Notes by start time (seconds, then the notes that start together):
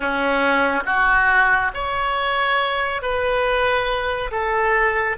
0.00 C#4
0.85 F#4
1.74 C#5
3.02 B4
4.31 A4